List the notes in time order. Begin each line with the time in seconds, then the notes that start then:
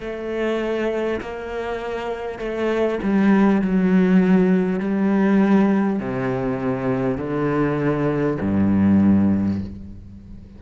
0.00 A3
1.20 A#3
2.38 A3
3.02 G3
3.61 F#3
4.79 G3
5.99 C3
7.17 D3
8.41 G2